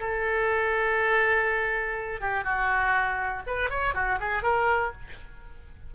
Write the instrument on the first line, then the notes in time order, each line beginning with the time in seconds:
oboe
0.00 A4
2.21 G4
2.45 F#4
3.47 B4
3.70 C#5
3.95 F#4
4.20 G#4
4.43 A#4